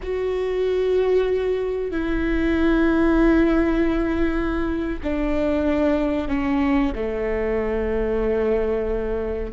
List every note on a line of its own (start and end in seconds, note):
0.02 1.91 F#4
1.91 4.97 E4
5.03 6.28 D4
6.28 6.92 C#4
6.95 9.52 A3